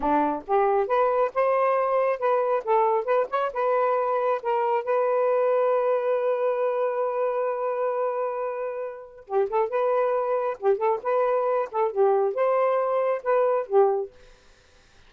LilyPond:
\new Staff \with { instrumentName = "saxophone" } { \time 4/4 \tempo 4 = 136 d'4 g'4 b'4 c''4~ | c''4 b'4 a'4 b'8 cis''8 | b'2 ais'4 b'4~ | b'1~ |
b'1~ | b'4 g'8 a'8 b'2 | g'8 a'8 b'4. a'8 g'4 | c''2 b'4 g'4 | }